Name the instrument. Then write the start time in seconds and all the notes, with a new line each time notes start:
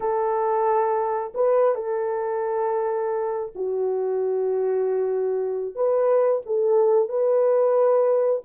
horn
0.00 A4
1.34 B4
1.74 A4
3.55 F#4
5.75 B4
6.45 A4
7.08 B4